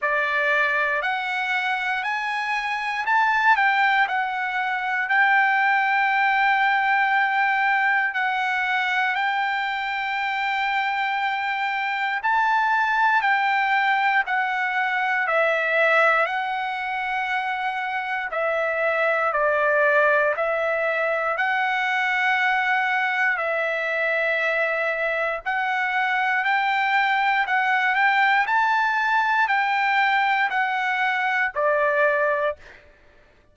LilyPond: \new Staff \with { instrumentName = "trumpet" } { \time 4/4 \tempo 4 = 59 d''4 fis''4 gis''4 a''8 g''8 | fis''4 g''2. | fis''4 g''2. | a''4 g''4 fis''4 e''4 |
fis''2 e''4 d''4 | e''4 fis''2 e''4~ | e''4 fis''4 g''4 fis''8 g''8 | a''4 g''4 fis''4 d''4 | }